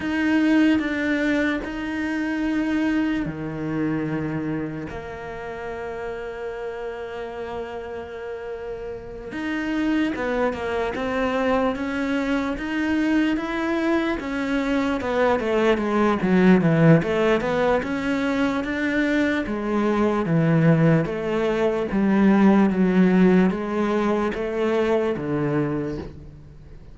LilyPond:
\new Staff \with { instrumentName = "cello" } { \time 4/4 \tempo 4 = 74 dis'4 d'4 dis'2 | dis2 ais2~ | ais2.~ ais8 dis'8~ | dis'8 b8 ais8 c'4 cis'4 dis'8~ |
dis'8 e'4 cis'4 b8 a8 gis8 | fis8 e8 a8 b8 cis'4 d'4 | gis4 e4 a4 g4 | fis4 gis4 a4 d4 | }